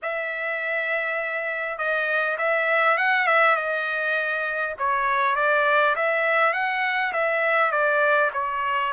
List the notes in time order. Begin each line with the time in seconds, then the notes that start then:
0.02 E5
1.77 D#5
2.38 E5
2.97 F#5
3.26 E5
3.55 D#5
4.78 C#5
5.35 D5
5.95 E5
6.53 F#5
7.13 E5
7.71 D5
8.33 C#5